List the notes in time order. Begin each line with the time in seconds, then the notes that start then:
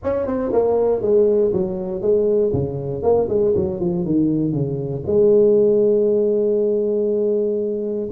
0.03 C#4
0.26 C4
0.52 A#3
1.01 G#3
1.52 F#3
2.01 G#3
2.53 C#3
3.02 A#3
3.28 G#3
3.55 F#3
3.79 F3
4.05 D#3
4.52 C#3
5.06 G#3